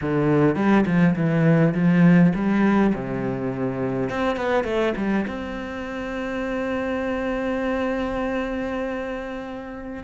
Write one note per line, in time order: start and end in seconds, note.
0.01 0.55 D3
0.55 0.84 G3
0.86 1.15 F3
1.15 1.73 E3
1.74 2.32 F3
2.35 2.93 G3
2.94 4.09 C3
4.09 4.36 C4
4.36 4.64 B3
4.64 4.93 A3
4.96 5.26 G3
5.27 10.03 C4